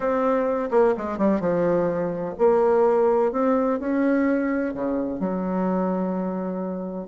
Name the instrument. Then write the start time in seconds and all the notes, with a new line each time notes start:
bassoon
0.00 C4
0.70 A#3
0.97 G#3
1.17 G3
1.40 F3
2.38 A#3
3.32 C4
3.79 C#4
4.74 C#3
5.19 F#3